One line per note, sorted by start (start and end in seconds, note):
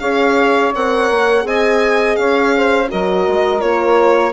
0.00 0.73 C#4
0.00 0.73 G#4
0.00 1.45 C#5
0.00 0.72 F5
0.75 1.11 C4
0.75 1.41 A#4
0.75 1.47 F#5
1.11 1.44 A#3
1.41 2.17 C4
1.41 2.86 G#4
1.41 2.19 D#5
1.41 2.16 G#5
2.16 2.90 C#4
2.16 2.55 C#5
2.16 2.88 F5
2.56 2.90 C5
2.88 3.27 F#3
2.88 3.61 F#4
2.88 4.33 A#4
2.88 3.61 D#5
3.27 3.62 G#3
3.61 4.33 A#3
3.61 4.33 F4
3.61 4.33 C#5